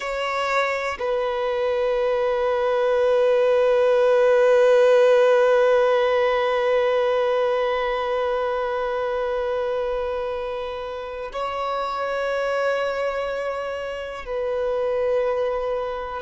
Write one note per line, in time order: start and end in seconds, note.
0.00 0.98 C#5
0.99 11.32 B4
11.32 14.25 C#5
14.25 16.22 B4